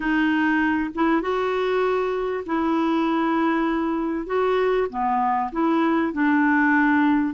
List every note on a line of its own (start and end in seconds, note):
0.00 0.89 D#4
0.94 1.21 E4
1.21 2.44 F#4
2.45 4.26 E4
4.26 4.87 F#4
4.89 5.50 B3
5.52 6.12 E4
6.12 7.33 D4